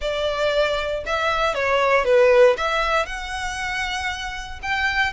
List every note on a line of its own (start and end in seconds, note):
0.01 1.03 D5
1.06 1.54 E5
1.54 2.05 C#5
2.05 2.56 B4
2.57 3.05 E5
3.05 4.59 F#5
4.62 5.13 G5